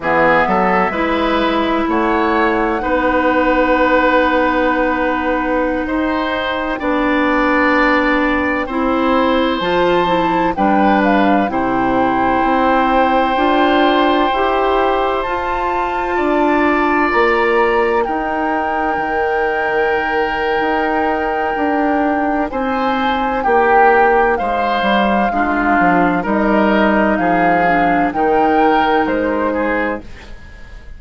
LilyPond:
<<
  \new Staff \with { instrumentName = "flute" } { \time 4/4 \tempo 4 = 64 e''2 fis''2~ | fis''2~ fis''16 g''4.~ g''16~ | g''2~ g''16 a''4 g''8 f''16~ | f''16 g''2.~ g''8.~ |
g''16 a''2 ais''4 g''8.~ | g''1 | gis''4 g''4 f''2 | dis''4 f''4 g''4 c''4 | }
  \new Staff \with { instrumentName = "oboe" } { \time 4/4 gis'8 a'8 b'4 cis''4 b'4~ | b'2~ b'16 c''4 d''8.~ | d''4~ d''16 c''2 b'8.~ | b'16 c''2.~ c''8.~ |
c''4~ c''16 d''2 ais'8.~ | ais'1 | c''4 g'4 c''4 f'4 | ais'4 gis'4 ais'4. gis'8 | }
  \new Staff \with { instrumentName = "clarinet" } { \time 4/4 b4 e'2 dis'4~ | dis'2.~ dis'16 d'8.~ | d'4~ d'16 e'4 f'8 e'8 d'8.~ | d'16 e'2 f'4 g'8.~ |
g'16 f'2. dis'8.~ | dis'1~ | dis'2. d'4 | dis'4. d'8 dis'2 | }
  \new Staff \with { instrumentName = "bassoon" } { \time 4/4 e8 fis8 gis4 a4 b4~ | b2~ b16 dis'4 b8.~ | b4~ b16 c'4 f4 g8.~ | g16 c4 c'4 d'4 e'8.~ |
e'16 f'4 d'4 ais4 dis'8.~ | dis'16 dis4.~ dis16 dis'4 d'4 | c'4 ais4 gis8 g8 gis8 f8 | g4 f4 dis4 gis4 | }
>>